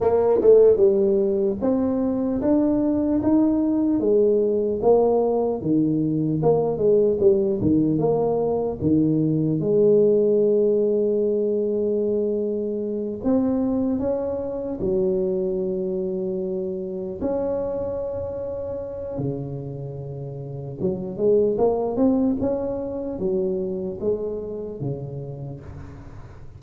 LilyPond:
\new Staff \with { instrumentName = "tuba" } { \time 4/4 \tempo 4 = 75 ais8 a8 g4 c'4 d'4 | dis'4 gis4 ais4 dis4 | ais8 gis8 g8 dis8 ais4 dis4 | gis1~ |
gis8 c'4 cis'4 fis4.~ | fis4. cis'2~ cis'8 | cis2 fis8 gis8 ais8 c'8 | cis'4 fis4 gis4 cis4 | }